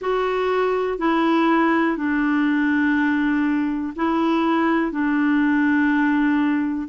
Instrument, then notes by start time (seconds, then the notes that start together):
clarinet
0.01 F#4
0.98 E4
1.97 D4
3.96 E4
4.91 D4